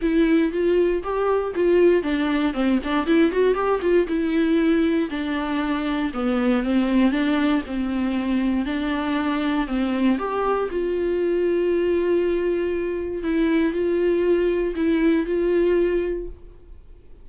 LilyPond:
\new Staff \with { instrumentName = "viola" } { \time 4/4 \tempo 4 = 118 e'4 f'4 g'4 f'4 | d'4 c'8 d'8 e'8 fis'8 g'8 f'8 | e'2 d'2 | b4 c'4 d'4 c'4~ |
c'4 d'2 c'4 | g'4 f'2.~ | f'2 e'4 f'4~ | f'4 e'4 f'2 | }